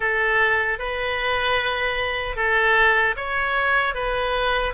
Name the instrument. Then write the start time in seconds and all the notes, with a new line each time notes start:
oboe
0.00 A4
0.79 B4
2.36 A4
3.16 C#5
3.94 B4